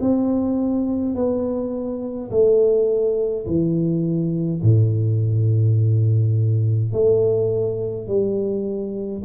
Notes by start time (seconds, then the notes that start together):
0.00 C4
1.15 B3
2.31 A3
3.46 E3
4.63 A2
6.92 A3
8.07 G3